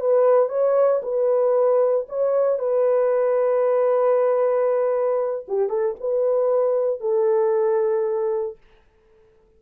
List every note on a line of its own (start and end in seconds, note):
0.00 0.49 B4
0.49 1.01 C#5
1.02 2.07 B4
2.09 2.59 C#5
2.59 5.46 B4
5.48 5.69 G4
5.69 5.95 A4
6.00 7.01 B4
7.01 8.57 A4